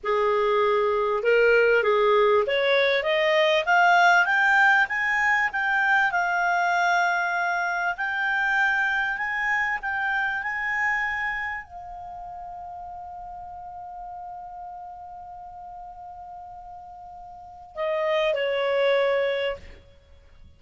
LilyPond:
\new Staff \with { instrumentName = "clarinet" } { \time 4/4 \tempo 4 = 98 gis'2 ais'4 gis'4 | cis''4 dis''4 f''4 g''4 | gis''4 g''4 f''2~ | f''4 g''2 gis''4 |
g''4 gis''2 f''4~ | f''1~ | f''1~ | f''4 dis''4 cis''2 | }